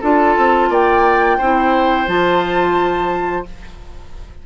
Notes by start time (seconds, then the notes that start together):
0.00 D4 F4 A4 A5
0.37 C4
0.69 A#3 D5 G5
1.37 C4 E4 C5
2.07 F3 F4 A5